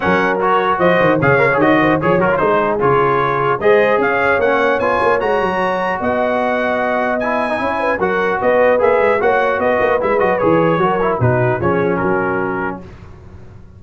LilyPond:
<<
  \new Staff \with { instrumentName = "trumpet" } { \time 4/4 \tempo 4 = 150 fis''4 cis''4 dis''4 f''4 | dis''4 cis''8 ais'8 c''4 cis''4~ | cis''4 dis''4 f''4 fis''4 | gis''4 ais''2 fis''4~ |
fis''2 gis''2 | fis''4 dis''4 e''4 fis''4 | dis''4 e''8 dis''8 cis''2 | b'4 cis''4 ais'2 | }
  \new Staff \with { instrumentName = "horn" } { \time 4/4 ais'2 c''4 cis''4~ | cis''8 c''8 cis''4 gis'2~ | gis'4 c''4 cis''2~ | cis''2. dis''4~ |
dis''2. cis''8 b'8 | ais'4 b'2 cis''4 | b'2. ais'4 | fis'4 gis'4 fis'2 | }
  \new Staff \with { instrumentName = "trombone" } { \time 4/4 cis'4 fis'2 gis'8 ais'16 gis'16 | fis'4 gis'8 fis'16 f'16 dis'4 f'4~ | f'4 gis'2 cis'4 | f'4 fis'2.~ |
fis'2 e'8. dis'16 e'4 | fis'2 gis'4 fis'4~ | fis'4 e'8 fis'8 gis'4 fis'8 e'8 | dis'4 cis'2. | }
  \new Staff \with { instrumentName = "tuba" } { \time 4/4 fis2 f8 dis8 cis4 | dis4 f8 fis8 gis4 cis4~ | cis4 gis4 cis'4 ais4 | b8 ais8 gis8 fis4. b4~ |
b2. cis'4 | fis4 b4 ais8 gis8 ais4 | b8 ais8 gis8 fis8 e4 fis4 | b,4 f4 fis2 | }
>>